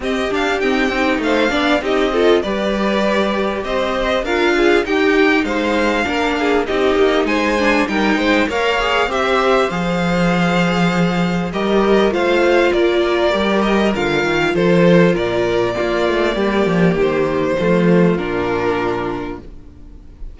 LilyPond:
<<
  \new Staff \with { instrumentName = "violin" } { \time 4/4 \tempo 4 = 99 dis''8 f''8 g''4 f''4 dis''4 | d''2 dis''4 f''4 | g''4 f''2 dis''4 | gis''4 g''4 f''4 e''4 |
f''2. dis''4 | f''4 d''4. dis''8 f''4 | c''4 d''2. | c''2 ais'2 | }
  \new Staff \with { instrumentName = "violin" } { \time 4/4 g'2 c''8 d''8 g'8 a'8 | b'2 c''4 ais'8 gis'8 | g'4 c''4 ais'8 gis'8 g'4 | c''4 ais'8 c''8 cis''4 c''4~ |
c''2. ais'4 | c''4 ais'2. | a'4 ais'4 f'4 g'4~ | g'4 f'2. | }
  \new Staff \with { instrumentName = "viola" } { \time 4/4 c'8 d'8 c'8 dis'4 d'8 dis'8 f'8 | g'2. f'4 | dis'2 d'4 dis'4~ | dis'8 d'8 dis'4 ais'8 gis'8 g'4 |
gis'2. g'4 | f'2 g'4 f'4~ | f'2 ais2~ | ais4 a4 d'2 | }
  \new Staff \with { instrumentName = "cello" } { \time 4/4 c'8 d'8 dis'8 c'8 a8 b8 c'4 | g2 c'4 d'4 | dis'4 gis4 ais4 c'8 ais8 | gis4 g8 gis8 ais4 c'4 |
f2. g4 | a4 ais4 g4 d8 dis8 | f4 ais,4 ais8 a8 g8 f8 | dis4 f4 ais,2 | }
>>